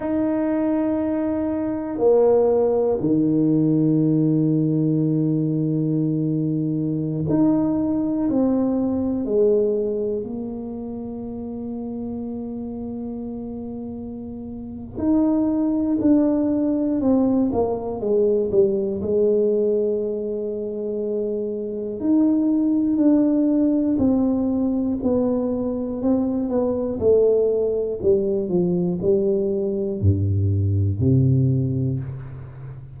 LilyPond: \new Staff \with { instrumentName = "tuba" } { \time 4/4 \tempo 4 = 60 dis'2 ais4 dis4~ | dis2.~ dis16 dis'8.~ | dis'16 c'4 gis4 ais4.~ ais16~ | ais2. dis'4 |
d'4 c'8 ais8 gis8 g8 gis4~ | gis2 dis'4 d'4 | c'4 b4 c'8 b8 a4 | g8 f8 g4 g,4 c4 | }